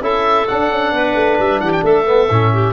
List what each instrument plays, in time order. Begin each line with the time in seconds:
0.00 tuba C#4, trombone E4, clarinet A4, oboe E5
0.47 trombone D4, tuba D4, oboe F#5
0.70 tuba C#4
0.92 tuba B3, clarinet B4
1.15 tuba A3
1.39 tuba G3, oboe E5
1.60 tuba E3, clarinet G4, oboe F#5
1.72 oboe G5
1.83 tuba A3, clarinet A4, oboe E5
2.05 trombone B3
2.30 tuba A2, trombone C#4
2.53 clarinet G4